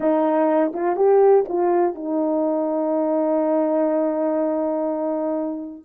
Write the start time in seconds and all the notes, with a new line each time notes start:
0.00 D#4
0.73 F4
0.96 G4
1.48 F4
1.94 D#4